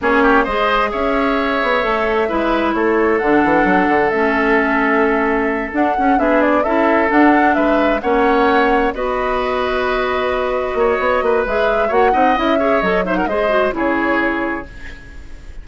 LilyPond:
<<
  \new Staff \with { instrumentName = "flute" } { \time 4/4 \tempo 4 = 131 cis''4 dis''4 e''2~ | e''2 cis''4 fis''4~ | fis''4 e''2.~ | e''8 fis''4 e''8 d''8 e''4 fis''8~ |
fis''8 e''4 fis''2 dis''8~ | dis''1~ | dis''4 e''4 fis''4 e''4 | dis''8 e''16 fis''16 dis''4 cis''2 | }
  \new Staff \with { instrumentName = "oboe" } { \time 4/4 gis'8 g'8 c''4 cis''2~ | cis''4 b'4 a'2~ | a'1~ | a'4. gis'4 a'4.~ |
a'8 b'4 cis''2 b'8~ | b'2.~ b'8 cis''8~ | cis''8 b'4. cis''8 dis''4 cis''8~ | cis''8 c''16 ais'16 c''4 gis'2 | }
  \new Staff \with { instrumentName = "clarinet" } { \time 4/4 cis'4 gis'2. | a'4 e'2 d'4~ | d'4 cis'2.~ | cis'8 d'8 cis'8 d'4 e'4 d'8~ |
d'4. cis'2 fis'8~ | fis'1~ | fis'4 gis'4 fis'8 dis'8 e'8 gis'8 | a'8 dis'8 gis'8 fis'8 e'2 | }
  \new Staff \with { instrumentName = "bassoon" } { \time 4/4 ais4 gis4 cis'4. b8 | a4 gis4 a4 d8 e8 | fis8 d8 a2.~ | a8 d'8 cis'8 b4 cis'4 d'8~ |
d'8 gis4 ais2 b8~ | b2.~ b8 ais8 | b8 ais8 gis4 ais8 c'8 cis'4 | fis4 gis4 cis2 | }
>>